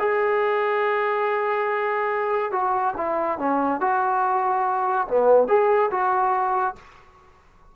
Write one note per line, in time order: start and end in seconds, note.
0.00 2.53 G#4
2.53 2.95 F#4
2.98 3.39 E4
3.39 3.81 C#4
3.81 5.08 F#4
5.08 5.49 B3
5.49 5.91 G#4
5.92 6.76 F#4